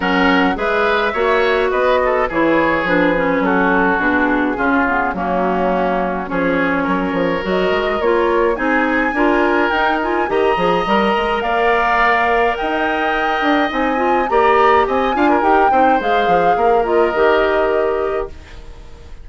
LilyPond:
<<
  \new Staff \with { instrumentName = "flute" } { \time 4/4 \tempo 4 = 105 fis''4 e''2 dis''4 | cis''4 b'4 a'4 gis'4~ | gis'4 fis'2 cis''4~ | cis''4 dis''4 cis''4 gis''4~ |
gis''4 g''8 gis''8 ais''2 | f''2 g''2 | gis''4 ais''4 gis''4 g''4 | f''4. dis''2~ dis''8 | }
  \new Staff \with { instrumentName = "oboe" } { \time 4/4 ais'4 b'4 cis''4 b'8 a'8 | gis'2 fis'2 | f'4 cis'2 gis'4 | ais'2. gis'4 |
ais'2 dis''2 | d''2 dis''2~ | dis''4 d''4 dis''8 f''16 ais'8. c''8~ | c''4 ais'2. | }
  \new Staff \with { instrumentName = "clarinet" } { \time 4/4 cis'4 gis'4 fis'2 | e'4 d'8 cis'4. d'4 | cis'8 b8 ais2 cis'4~ | cis'4 fis'4 f'4 dis'4 |
f'4 dis'8 f'8 g'8 gis'8 ais'4~ | ais'1 | dis'8 f'8 g'4. f'8 g'8 dis'8 | gis'4. f'8 g'2 | }
  \new Staff \with { instrumentName = "bassoon" } { \time 4/4 fis4 gis4 ais4 b4 | e4 f4 fis4 b,4 | cis4 fis2 f4 | fis8 f8 fis8 gis8 ais4 c'4 |
d'4 dis'4 dis8 f8 g8 gis8 | ais2 dis'4. d'8 | c'4 ais4 c'8 d'8 dis'8 c'8 | gis8 f8 ais4 dis2 | }
>>